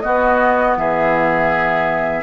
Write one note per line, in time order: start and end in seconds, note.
0.00 2.23 B3
0.00 0.77 B3
0.00 0.77 F#4
0.00 0.74 D#5
0.77 2.23 E3
0.77 2.23 G#4
0.77 2.23 E5